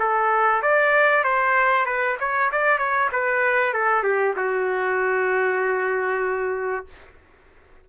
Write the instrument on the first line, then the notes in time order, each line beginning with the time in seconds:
trumpet
0.00 A4
0.62 D5
1.24 C5
1.86 B4
2.20 C#5
2.52 D5
2.79 C#5
3.13 B4
3.74 A4
4.04 G4
4.37 F#4